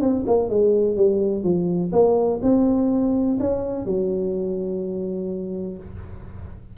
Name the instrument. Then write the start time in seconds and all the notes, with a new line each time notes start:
tuba
0.00 C4
0.26 A#3
0.49 G#3
0.96 G3
1.43 F3
1.92 A#3
2.42 C4
3.39 C#4
3.85 F#3